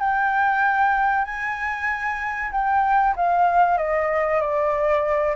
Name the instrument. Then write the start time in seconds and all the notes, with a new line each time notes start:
flute
0.00 G5
1.25 G#5
2.52 G5
3.17 F5
3.78 D#5
4.41 D5